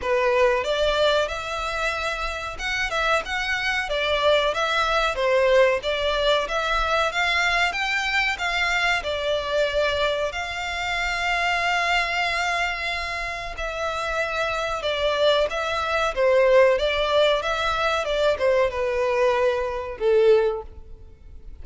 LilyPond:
\new Staff \with { instrumentName = "violin" } { \time 4/4 \tempo 4 = 93 b'4 d''4 e''2 | fis''8 e''8 fis''4 d''4 e''4 | c''4 d''4 e''4 f''4 | g''4 f''4 d''2 |
f''1~ | f''4 e''2 d''4 | e''4 c''4 d''4 e''4 | d''8 c''8 b'2 a'4 | }